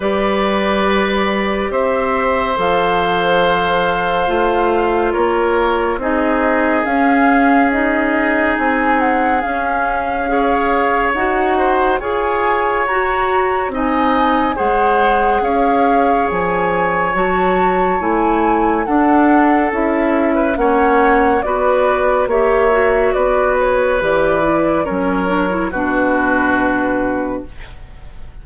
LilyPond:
<<
  \new Staff \with { instrumentName = "flute" } { \time 4/4 \tempo 4 = 70 d''2 e''4 f''4~ | f''2 cis''4 dis''4 | f''4 dis''4 gis''8 fis''8 f''4~ | f''4 fis''4 gis''4 ais''4 |
gis''4 fis''4 f''4 gis''4 | a''4 gis''4 fis''4 e''4 | fis''4 d''4 e''4 d''8 cis''8 | d''4 cis''4 b'2 | }
  \new Staff \with { instrumentName = "oboe" } { \time 4/4 b'2 c''2~ | c''2 ais'4 gis'4~ | gis'1 | cis''4. c''8 cis''2 |
dis''4 c''4 cis''2~ | cis''2 a'4.~ a'16 b'16 | cis''4 b'4 cis''4 b'4~ | b'4 ais'4 fis'2 | }
  \new Staff \with { instrumentName = "clarinet" } { \time 4/4 g'2. a'4~ | a'4 f'2 dis'4 | cis'4 dis'2 cis'4 | gis'4 fis'4 gis'4 fis'4 |
dis'4 gis'2. | fis'4 e'4 d'4 e'4 | cis'4 fis'4 g'8 fis'4. | g'8 e'8 cis'8 d'16 e'16 d'2 | }
  \new Staff \with { instrumentName = "bassoon" } { \time 4/4 g2 c'4 f4~ | f4 a4 ais4 c'4 | cis'2 c'4 cis'4~ | cis'4 dis'4 f'4 fis'4 |
c'4 gis4 cis'4 f4 | fis4 a4 d'4 cis'4 | ais4 b4 ais4 b4 | e4 fis4 b,2 | }
>>